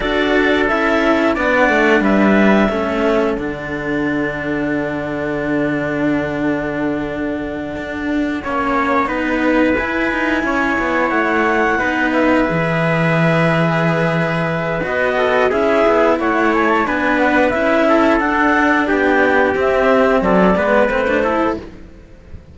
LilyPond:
<<
  \new Staff \with { instrumentName = "clarinet" } { \time 4/4 \tempo 4 = 89 d''4 e''4 fis''4 e''4~ | e''4 fis''2.~ | fis''1~ | fis''2~ fis''8 gis''4.~ |
gis''8 fis''4. e''2~ | e''2 dis''4 e''4 | fis''8 gis''16 a''16 gis''8 fis''8 e''4 fis''4 | g''4 e''4 d''4 c''4 | }
  \new Staff \with { instrumentName = "trumpet" } { \time 4/4 a'2 d''4 b'4 | a'1~ | a'1~ | a'8 cis''4 b'2 cis''8~ |
cis''4. b'2~ b'8~ | b'2~ b'8 a'8 gis'4 | cis''4 b'4. a'4. | g'2 a'8 b'4 a'8 | }
  \new Staff \with { instrumentName = "cello" } { \time 4/4 fis'4 e'4 d'2 | cis'4 d'2.~ | d'1~ | d'8 cis'4 dis'4 e'4.~ |
e'4. dis'4 gis'4.~ | gis'2 fis'4 e'4~ | e'4 d'4 e'4 d'4~ | d'4 c'4. b8 c'16 d'16 e'8 | }
  \new Staff \with { instrumentName = "cello" } { \time 4/4 d'4 cis'4 b8 a8 g4 | a4 d2.~ | d2.~ d8 d'8~ | d'8 ais4 b4 e'8 dis'8 cis'8 |
b8 a4 b4 e4.~ | e2 b4 cis'8 b8 | a4 b4 cis'4 d'4 | b4 c'4 fis8 gis8 a4 | }
>>